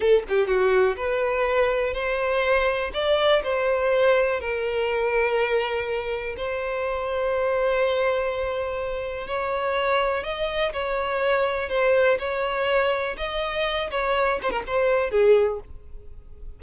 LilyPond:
\new Staff \with { instrumentName = "violin" } { \time 4/4 \tempo 4 = 123 a'8 g'8 fis'4 b'2 | c''2 d''4 c''4~ | c''4 ais'2.~ | ais'4 c''2.~ |
c''2. cis''4~ | cis''4 dis''4 cis''2 | c''4 cis''2 dis''4~ | dis''8 cis''4 c''16 ais'16 c''4 gis'4 | }